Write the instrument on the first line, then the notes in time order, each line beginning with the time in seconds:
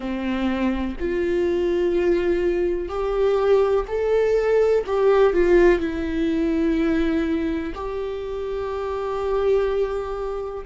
viola
0.00 C4
0.99 F4
2.88 G4
3.87 A4
4.86 G4
5.33 F4
5.79 E4
7.74 G4